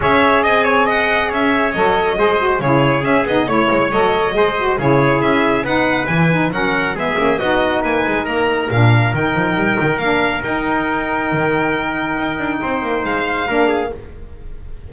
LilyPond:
<<
  \new Staff \with { instrumentName = "violin" } { \time 4/4 \tempo 4 = 138 e''4 gis''4 fis''4 e''4 | dis''2 cis''4 e''8 dis''8 | cis''4 dis''2 cis''4 | e''4 fis''4 gis''4 fis''4 |
e''4 dis''4 gis''4 ais''4 | f''4 g''2 f''4 | g''1~ | g''2 f''2 | }
  \new Staff \with { instrumentName = "trumpet" } { \time 4/4 cis''4 dis''8 cis''8 dis''4 cis''4~ | cis''4 c''4 gis'2 | cis''2 c''4 gis'4~ | gis'4 b'2 ais'4 |
gis'4 fis'4 b'4 ais'4~ | ais'1~ | ais'1~ | ais'4 c''2 ais'8 gis'8 | }
  \new Staff \with { instrumentName = "saxophone" } { \time 4/4 gis'1 | a'4 gis'8 fis'8 e'4 cis'8 dis'8 | e'4 a'4 gis'8 fis'8 e'4~ | e'4 dis'4 e'8 dis'8 cis'4 |
b8 cis'8 dis'2. | d'4 dis'2 d'4 | dis'1~ | dis'2. d'4 | }
  \new Staff \with { instrumentName = "double bass" } { \time 4/4 cis'4 c'2 cis'4 | fis4 gis4 cis4 cis'8 b8 | a8 gis8 fis4 gis4 cis4 | cis'4 b4 e4 fis4 |
gis8 ais8 b4 ais8 gis8 ais4 | ais,4 dis8 f8 g8 dis8 ais4 | dis'2 dis2 | dis'8 d'8 c'8 ais8 gis4 ais4 | }
>>